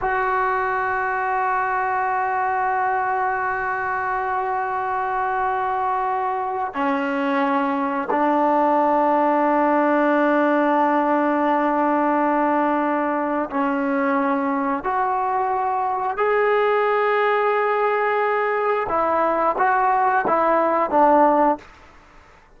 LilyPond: \new Staff \with { instrumentName = "trombone" } { \time 4/4 \tempo 4 = 89 fis'1~ | fis'1~ | fis'2 cis'2 | d'1~ |
d'1 | cis'2 fis'2 | gis'1 | e'4 fis'4 e'4 d'4 | }